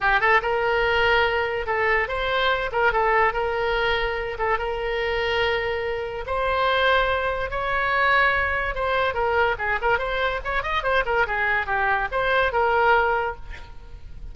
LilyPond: \new Staff \with { instrumentName = "oboe" } { \time 4/4 \tempo 4 = 144 g'8 a'8 ais'2. | a'4 c''4. ais'8 a'4 | ais'2~ ais'8 a'8 ais'4~ | ais'2. c''4~ |
c''2 cis''2~ | cis''4 c''4 ais'4 gis'8 ais'8 | c''4 cis''8 dis''8 c''8 ais'8 gis'4 | g'4 c''4 ais'2 | }